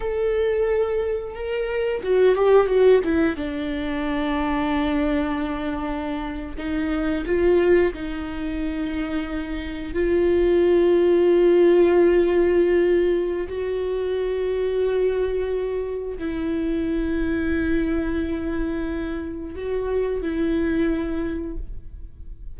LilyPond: \new Staff \with { instrumentName = "viola" } { \time 4/4 \tempo 4 = 89 a'2 ais'4 fis'8 g'8 | fis'8 e'8 d'2.~ | d'4.~ d'16 dis'4 f'4 dis'16~ | dis'2~ dis'8. f'4~ f'16~ |
f'1 | fis'1 | e'1~ | e'4 fis'4 e'2 | }